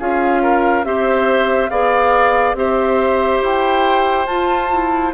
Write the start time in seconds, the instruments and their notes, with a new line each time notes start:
0.00 bassoon C#4, clarinet F4, oboe G#4, flute F5
0.43 oboe A#4
0.84 bassoon C4, clarinet G4, oboe C5, flute E5
1.70 bassoon B3, clarinet G#4, oboe D5, flute F5
2.54 bassoon C4, clarinet G4, oboe C5, flute E5
3.43 bassoon E4, flute G5
4.26 bassoon F4, clarinet F4, flute A5
4.71 clarinet E4